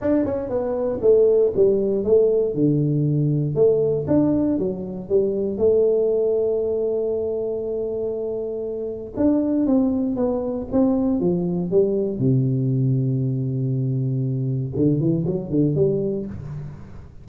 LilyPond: \new Staff \with { instrumentName = "tuba" } { \time 4/4 \tempo 4 = 118 d'8 cis'8 b4 a4 g4 | a4 d2 a4 | d'4 fis4 g4 a4~ | a1~ |
a2 d'4 c'4 | b4 c'4 f4 g4 | c1~ | c4 d8 e8 fis8 d8 g4 | }